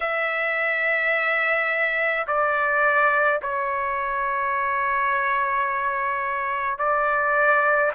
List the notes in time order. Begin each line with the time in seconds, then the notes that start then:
0.00 E5
2.26 D5
3.42 C#5
6.78 D5